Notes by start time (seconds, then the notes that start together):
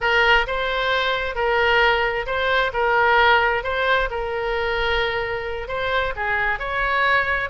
0.00 A#4
0.46 C5
1.35 A#4
2.26 C5
2.73 A#4
3.63 C5
4.10 A#4
5.68 C5
6.16 G#4
6.59 C#5